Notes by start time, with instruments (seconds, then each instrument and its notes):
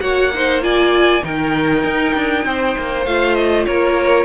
0.00 cello A#3, viola F#4, violin C#5 F#5
0.34 viola D#4, violin C5
0.62 viola F4, violin D5 G#5
1.22 cello D#3, viola D#4, violin A#4 G5
1.84 cello D#4
2.15 cello D4
2.45 cello C4, violin C5
2.78 cello A#3
3.06 cello A3, viola F4, violin F5
3.35 violin D#5
3.66 cello A#3, violin A#4 C#5